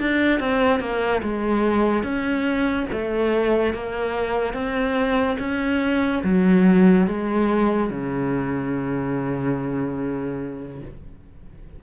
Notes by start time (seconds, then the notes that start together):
0.00 D4
0.40 C4
0.80 A#3
1.23 G#3
2.03 C#4
2.92 A3
3.74 A#3
4.54 C4
5.40 C#4
6.24 F#3
7.08 G#3
7.91 C#3